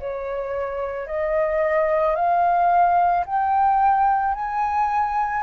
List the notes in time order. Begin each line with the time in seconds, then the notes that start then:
0.00 C#5
1.08 D#5
2.16 F5
3.26 G5
4.34 G#5